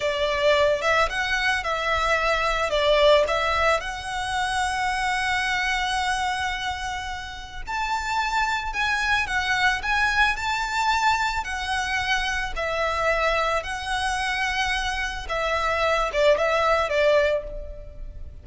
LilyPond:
\new Staff \with { instrumentName = "violin" } { \time 4/4 \tempo 4 = 110 d''4. e''8 fis''4 e''4~ | e''4 d''4 e''4 fis''4~ | fis''1~ | fis''2 a''2 |
gis''4 fis''4 gis''4 a''4~ | a''4 fis''2 e''4~ | e''4 fis''2. | e''4. d''8 e''4 d''4 | }